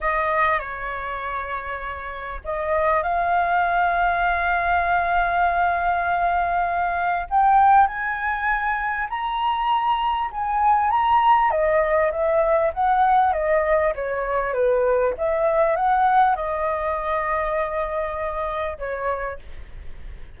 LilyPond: \new Staff \with { instrumentName = "flute" } { \time 4/4 \tempo 4 = 99 dis''4 cis''2. | dis''4 f''2.~ | f''1 | g''4 gis''2 ais''4~ |
ais''4 gis''4 ais''4 dis''4 | e''4 fis''4 dis''4 cis''4 | b'4 e''4 fis''4 dis''4~ | dis''2. cis''4 | }